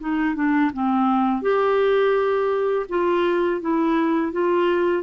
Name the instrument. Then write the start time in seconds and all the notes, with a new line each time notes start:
clarinet
0.00 D#4
0.35 D4
0.74 C4
1.42 G4
2.89 F4
3.61 E4
4.33 F4